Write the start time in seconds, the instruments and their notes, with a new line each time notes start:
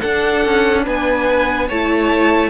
0.00 cello D4, viola D4, violin A4 F#5
0.45 cello C#4
0.84 cello B3, violin B4 G#5
1.68 cello A3, viola E4, violin C#5 A5